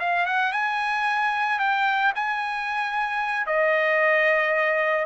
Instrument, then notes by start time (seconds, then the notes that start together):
trumpet
0.00 F5
0.27 F#5
0.53 G#5
1.59 G5
2.16 G#5
3.47 D#5